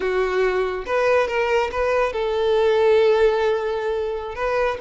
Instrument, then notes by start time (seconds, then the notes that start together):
violin
0.00 F#4
0.86 B4
1.27 A#4
1.71 B4
2.12 A4
4.35 B4